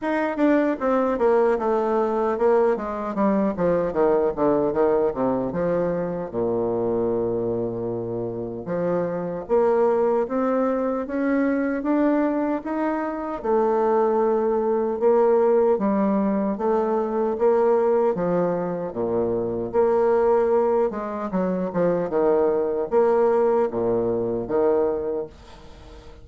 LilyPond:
\new Staff \with { instrumentName = "bassoon" } { \time 4/4 \tempo 4 = 76 dis'8 d'8 c'8 ais8 a4 ais8 gis8 | g8 f8 dis8 d8 dis8 c8 f4 | ais,2. f4 | ais4 c'4 cis'4 d'4 |
dis'4 a2 ais4 | g4 a4 ais4 f4 | ais,4 ais4. gis8 fis8 f8 | dis4 ais4 ais,4 dis4 | }